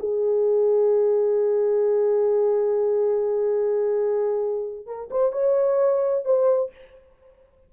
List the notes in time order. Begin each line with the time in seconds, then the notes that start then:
0.00 G#4
4.87 A#4
5.11 C5
5.33 C#5
6.26 C5